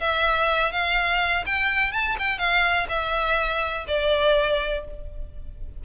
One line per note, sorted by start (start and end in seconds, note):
0.00 0.72 E5
0.72 1.44 F5
1.46 1.92 G5
1.92 2.16 A5
2.18 2.38 G5
2.38 2.87 F5
2.89 3.86 E5
3.87 4.84 D5